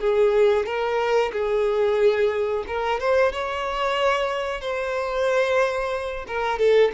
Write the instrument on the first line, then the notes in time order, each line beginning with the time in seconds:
violin
0.00 G#4
0.66 A#4
1.32 G#4
2.67 A#4
3.00 C5
3.32 C#5
4.61 C5
6.27 A#4
6.59 A4